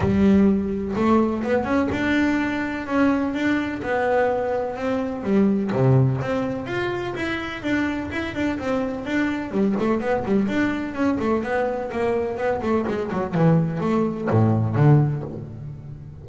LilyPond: \new Staff \with { instrumentName = "double bass" } { \time 4/4 \tempo 4 = 126 g2 a4 b8 cis'8 | d'2 cis'4 d'4 | b2 c'4 g4 | c4 c'4 f'4 e'4 |
d'4 e'8 d'8 c'4 d'4 | g8 a8 b8 g8 d'4 cis'8 a8 | b4 ais4 b8 a8 gis8 fis8 | e4 a4 a,4 d4 | }